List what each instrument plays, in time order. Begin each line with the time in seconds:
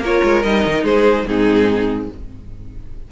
0.00 cello A#3, viola F4, violin A#4 C#5
0.24 cello G#3
0.43 cello G3, viola D#4, violin D#5
0.66 cello D#3
0.84 cello G#3, violin G#4 C5
1.27 cello G#2, viola C4, violin D#4 G#4